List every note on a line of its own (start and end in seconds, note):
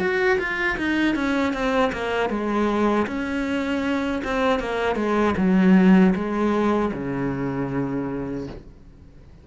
0.00 0.38 F#4
0.39 0.78 F4
0.78 1.15 D#4
1.15 1.53 C#4
1.53 1.92 C4
1.93 2.30 A#3
2.30 3.07 G#3
3.07 4.22 C#4
4.24 4.60 C4
4.60 4.96 A#3
4.96 5.35 G#3
5.37 6.14 F#3
6.15 6.92 G#3
6.93 8.47 C#3